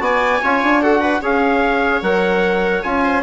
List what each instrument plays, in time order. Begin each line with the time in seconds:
0.00 bassoon B3, trombone F#4, viola D5, trumpet G#5
0.43 bassoon C#4, trombone F4, viola C#5
0.63 bassoon D4
0.82 trombone F#4, viola A4, trumpet F#5
1.01 viola B4
1.21 bassoon C#4, trombone G#4, viola C#5, trumpet F5
2.02 bassoon F#3, trombone A#4, trumpet F#5
2.83 bassoon C#4, trombone F4, trumpet G#5
3.04 viola C5